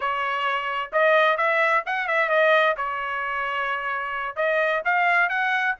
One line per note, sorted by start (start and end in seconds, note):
0.00 0.91 C#5
0.92 1.37 D#5
1.37 1.83 E5
1.86 2.07 F#5
2.07 2.29 E5
2.29 2.75 D#5
2.77 4.36 C#5
4.36 4.82 D#5
4.84 5.29 F5
5.29 5.75 F#5